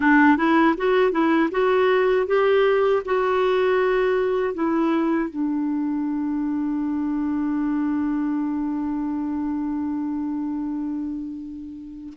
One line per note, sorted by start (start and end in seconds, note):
0.00 0.37 D4
0.37 0.75 E4
0.77 1.12 F#4
1.12 1.49 E4
1.51 2.26 F#4
2.26 3.02 G4
3.05 4.54 F#4
4.54 5.30 E4
5.30 12.13 D4